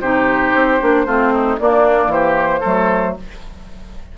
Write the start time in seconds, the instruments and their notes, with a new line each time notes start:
0.00 bassoon C3, clarinet D#4, oboe G4, flute C5
0.54 bassoon C4
0.80 bassoon A#3, clarinet D4
1.05 bassoon A3, clarinet C4, oboe F4
1.32 oboe D#4
1.59 bassoon A#3, clarinet A#3, oboe D4, flute D5
2.07 bassoon E3, oboe G4, flute C5
2.60 bassoon F#3, clarinet A3, oboe A4